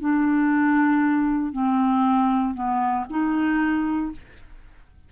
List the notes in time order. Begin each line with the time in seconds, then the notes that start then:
0.00 D4
1.53 C4
2.54 B3
3.10 D#4